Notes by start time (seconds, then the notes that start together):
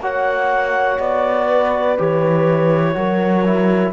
0.00 A#3 F#4 C#5 F#5
1.00 B3 D5
1.47 B4
1.98 E3 G4 C#5
2.94 F#3 F#4 A#4
3.45 E4